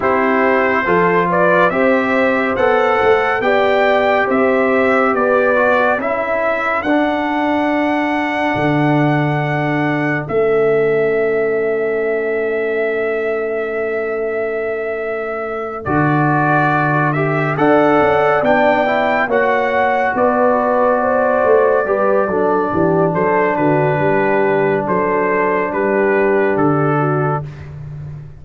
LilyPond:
<<
  \new Staff \with { instrumentName = "trumpet" } { \time 4/4 \tempo 4 = 70 c''4. d''8 e''4 fis''4 | g''4 e''4 d''4 e''4 | fis''1 | e''1~ |
e''2~ e''8 d''4. | e''8 fis''4 g''4 fis''4 d''8~ | d''2. c''8 b'8~ | b'4 c''4 b'4 a'4 | }
  \new Staff \with { instrumentName = "horn" } { \time 4/4 g'4 a'8 b'8 c''2 | d''4 c''4 b'4 a'4~ | a'1~ | a'1~ |
a'1~ | a'8 d''2 cis''4 b'8~ | b'8 c''4 b'8 a'8 g'8 a'8 fis'8 | g'4 a'4 g'4. fis'8 | }
  \new Staff \with { instrumentName = "trombone" } { \time 4/4 e'4 f'4 g'4 a'4 | g'2~ g'8 fis'8 e'4 | d'1 | cis'1~ |
cis'2~ cis'8 fis'4. | g'8 a'4 d'8 e'8 fis'4.~ | fis'4. g'8 d'2~ | d'1 | }
  \new Staff \with { instrumentName = "tuba" } { \time 4/4 c'4 f4 c'4 b8 a8 | b4 c'4 b4 cis'4 | d'2 d2 | a1~ |
a2~ a8 d4.~ | d8 d'8 cis'8 b4 ais4 b8~ | b4 a8 g8 fis8 e8 fis8 d8 | g4 fis4 g4 d4 | }
>>